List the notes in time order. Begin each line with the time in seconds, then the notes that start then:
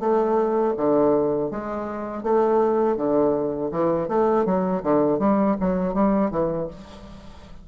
0.00 A3
0.77 D3
1.51 G#3
2.23 A3
2.97 D3
3.72 E3
4.08 A3
4.46 F#3
4.83 D3
5.20 G3
5.60 F#3
5.94 G3
6.31 E3